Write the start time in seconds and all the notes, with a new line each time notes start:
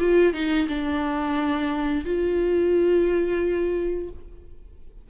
0.00 F4
0.34 D#4
0.68 D4
2.05 F4